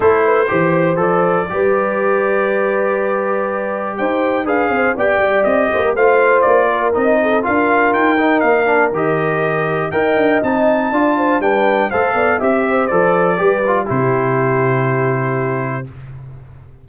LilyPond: <<
  \new Staff \with { instrumentName = "trumpet" } { \time 4/4 \tempo 4 = 121 c''2 d''2~ | d''1 | g''4 f''4 g''4 dis''4 | f''4 d''4 dis''4 f''4 |
g''4 f''4 dis''2 | g''4 a''2 g''4 | f''4 e''4 d''2 | c''1 | }
  \new Staff \with { instrumentName = "horn" } { \time 4/4 a'8 b'8 c''2 b'4~ | b'1 | c''4 b'8 c''8 d''4. c''16 ais'16 | c''4. ais'4 a'8 ais'4~ |
ais'1 | dis''2 d''8 c''8 b'4 | c''8 d''8 e''8 c''4. b'4 | g'1 | }
  \new Staff \with { instrumentName = "trombone" } { \time 4/4 e'4 g'4 a'4 g'4~ | g'1~ | g'4 gis'4 g'2 | f'2 dis'4 f'4~ |
f'8 dis'4 d'8 g'2 | ais'4 dis'4 f'4 d'4 | a'4 g'4 a'4 g'8 f'8 | e'1 | }
  \new Staff \with { instrumentName = "tuba" } { \time 4/4 a4 e4 f4 g4~ | g1 | dis'4 d'8 c'8 b8 g8 c'8 ais8 | a4 ais4 c'4 d'4 |
dis'4 ais4 dis2 | dis'8 d'8 c'4 d'4 g4 | a8 b8 c'4 f4 g4 | c1 | }
>>